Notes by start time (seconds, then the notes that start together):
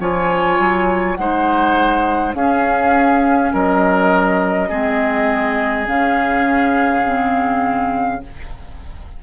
0.00 F3 F4 C#5 G#5
0.59 F#3
1.15 G#3 D#4 C5 F#5
2.34 C#4 G#4 F5
3.53 F#3 A#4 D#5
4.69 G#3 C4 G#4
5.87 C#3 C#4 F5
7.04 C4